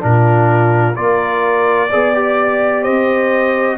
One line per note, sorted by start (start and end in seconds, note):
0.00 0.98 A#2
0.00 0.94 D4
0.00 0.97 F4
0.00 0.96 A#4
0.95 1.92 A#3
0.95 1.88 F4
0.95 1.89 A#4
0.95 2.84 D5
1.89 2.87 B3
1.89 2.15 G#4
1.89 2.82 D5
2.15 3.78 G4
2.82 3.78 C4
2.82 3.76 C5
2.82 3.77 D#5